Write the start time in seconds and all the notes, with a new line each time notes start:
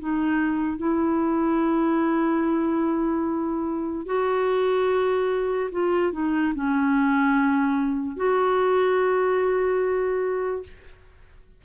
0.00 D#4
0.78 E4
4.06 F#4
5.72 F4
6.13 D#4
6.55 C#4
8.16 F#4